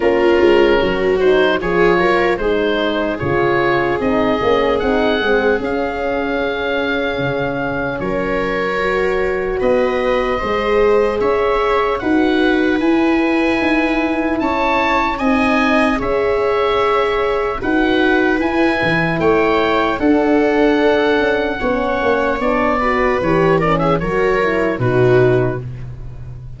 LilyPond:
<<
  \new Staff \with { instrumentName = "oboe" } { \time 4/4 \tempo 4 = 75 ais'4. c''8 cis''4 c''4 | cis''4 dis''4 fis''4 f''4~ | f''2 cis''2 | dis''2 e''4 fis''4 |
gis''2 a''4 gis''4 | e''2 fis''4 gis''4 | g''4 fis''2. | d''4 cis''8 d''16 e''16 cis''4 b'4 | }
  \new Staff \with { instrumentName = "viola" } { \time 4/4 f'4 fis'4 gis'8 ais'8 gis'4~ | gis'1~ | gis'2 ais'2 | b'4 c''4 cis''4 b'4~ |
b'2 cis''4 dis''4 | cis''2 b'2 | cis''4 a'2 cis''4~ | cis''8 b'4 ais'16 gis'16 ais'4 fis'4 | }
  \new Staff \with { instrumentName = "horn" } { \time 4/4 cis'4. dis'8 f'4 dis'4 | f'4 dis'8 cis'8 dis'8 c'8 cis'4~ | cis'2. fis'4~ | fis'4 gis'2 fis'4 |
e'2. dis'4 | gis'2 fis'4 e'4~ | e'4 d'2 cis'4 | d'8 fis'8 g'8 cis'8 fis'8 e'8 dis'4 | }
  \new Staff \with { instrumentName = "tuba" } { \time 4/4 ais8 gis8 fis4 f8 fis8 gis4 | cis4 c'8 ais8 c'8 gis8 cis'4~ | cis'4 cis4 fis2 | b4 gis4 cis'4 dis'4 |
e'4 dis'4 cis'4 c'4 | cis'2 dis'4 e'8 e8 | a4 d'4. cis'8 b8 ais8 | b4 e4 fis4 b,4 | }
>>